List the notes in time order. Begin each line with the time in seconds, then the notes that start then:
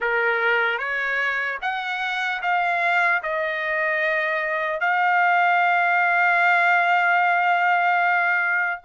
0.00 A#4
0.78 C#5
1.61 F#5
2.41 F5
3.23 D#5
4.80 F5